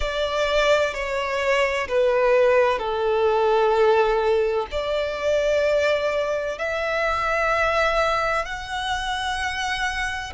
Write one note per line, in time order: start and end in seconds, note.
0.00 0.94 D5
0.94 1.87 C#5
1.87 2.79 B4
2.79 4.66 A4
4.71 6.58 D5
6.58 8.45 E5
8.45 10.33 F#5